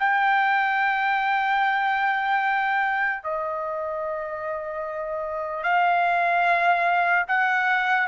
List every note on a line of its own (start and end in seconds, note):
0.00 3.24 G5
3.24 5.64 D#5
5.64 7.26 F5
7.28 8.08 F#5